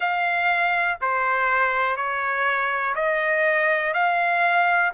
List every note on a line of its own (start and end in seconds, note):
0.00 0.97 F5
1.01 1.96 C5
1.96 2.95 C#5
2.95 3.93 D#5
3.93 4.92 F5